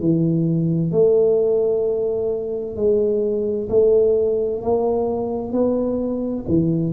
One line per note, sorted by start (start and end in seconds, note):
0.00 0.91 E3
0.91 2.76 A3
2.76 3.68 G#3
3.69 4.61 A3
4.62 5.52 A#3
5.52 6.44 B3
6.48 6.92 E3